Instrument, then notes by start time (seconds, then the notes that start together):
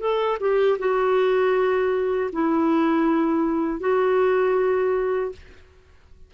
clarinet
0.00 A4
0.40 G4
0.79 F#4
2.33 E4
3.80 F#4